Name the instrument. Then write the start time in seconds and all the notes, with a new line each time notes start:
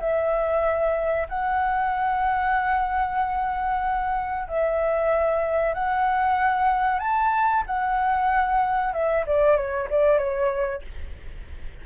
flute
0.00 E5
1.29 F#5
4.48 E5
5.74 F#5
6.99 A5
7.66 F#5
8.93 E5
9.26 D5
9.56 C#5
9.90 D5
10.18 C#5